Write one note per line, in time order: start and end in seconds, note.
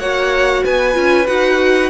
0.00 0.64 A#3
0.00 0.94 F#4
0.00 0.64 C#5
0.00 0.64 F#5
0.64 0.96 B3
0.64 1.91 B4
0.64 1.27 G#5
0.94 1.28 C#4
0.94 1.26 F4
1.27 1.91 D#4
1.27 1.91 F#4
1.27 1.91 F#5